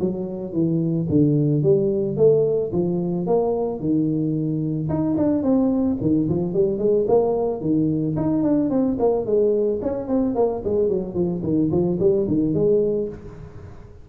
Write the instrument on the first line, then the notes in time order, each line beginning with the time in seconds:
tuba
0.00 F#3
0.52 E3
1.09 D3
1.63 G3
2.17 A3
2.72 F3
3.26 A#3
3.80 D#3
4.89 D#4
5.17 D4
5.42 C4
6.01 D#3
6.29 F3
6.53 G3
6.78 G#3
7.08 A#3
7.61 D#3
8.16 D#4
8.43 D4
8.70 C4
8.99 A#3
9.25 G#3
9.82 C#4
10.08 C4
10.35 A#3
10.64 G#3
10.88 F#3
11.14 F3
11.43 D#3
11.71 F3
11.99 G3
12.27 D#3
12.54 G#3